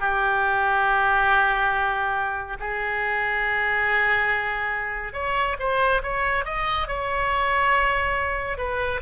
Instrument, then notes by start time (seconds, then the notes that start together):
oboe
0.00 G4
2.59 G#4
5.14 C#5
5.59 C5
6.03 C#5
6.45 D#5
6.87 C#5
8.58 B4